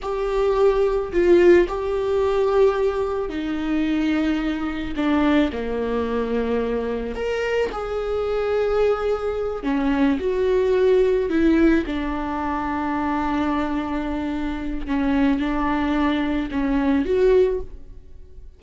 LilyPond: \new Staff \with { instrumentName = "viola" } { \time 4/4 \tempo 4 = 109 g'2 f'4 g'4~ | g'2 dis'2~ | dis'4 d'4 ais2~ | ais4 ais'4 gis'2~ |
gis'4. cis'4 fis'4.~ | fis'8 e'4 d'2~ d'8~ | d'2. cis'4 | d'2 cis'4 fis'4 | }